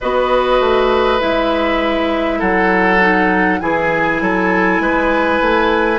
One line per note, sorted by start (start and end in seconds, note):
0.00 0.59 B3
0.00 1.19 F#4
0.00 2.38 B4
0.00 1.20 D#5
0.59 1.20 A3
1.19 2.41 G#3
1.19 2.99 E4
1.19 2.40 E5
2.38 3.60 F#3
2.38 3.58 A4
2.38 3.60 F#5
3.00 3.60 D#4
3.60 4.21 E3
3.60 5.98 E4
3.60 4.22 G#4
3.60 5.98 G#5
4.21 4.79 F#3
4.21 4.82 A4
4.79 5.39 G#3
4.79 5.98 B4
5.41 5.98 A3